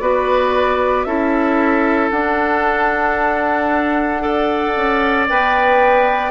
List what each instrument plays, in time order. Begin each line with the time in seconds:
0.00 bassoon B3, clarinet F#4, oboe B4, flute D5
1.05 bassoon C#4, clarinet E4, oboe A4, flute E5
2.11 bassoon D4, clarinet D4, flute F#5
4.21 clarinet A4, oboe D5
4.76 bassoon C#4
5.29 bassoon B3, clarinet B4, flute G5